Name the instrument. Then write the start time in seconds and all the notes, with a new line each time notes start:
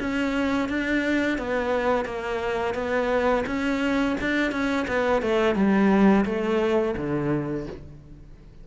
cello
0.00 C#4
0.69 D4
1.38 B3
2.05 A#3
2.75 B3
3.47 C#4
4.21 D4
4.52 C#4
4.88 B3
5.22 A3
5.55 G3
6.25 A3
6.97 D3